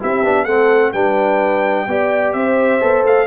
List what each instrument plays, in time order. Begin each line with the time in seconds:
0.00 tuba C4, trombone E4, horn G4, trumpet E5
0.24 tuba B3, trombone D4
0.45 tuba A3, trombone C4, horn A4, trumpet F#5
0.93 tuba G3, trombone D4, horn B4, trumpet G5
1.88 tuba B3, trombone G4, horn D5
2.33 tuba C4, horn C5, trumpet E5
2.81 tuba B3, trombone A4
3.04 tuba A3, trumpet F5